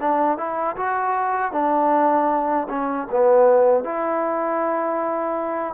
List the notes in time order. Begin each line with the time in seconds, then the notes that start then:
0.00 D4
0.38 E4
0.77 F#4
1.52 D4
2.69 C#4
3.11 B3
3.84 E4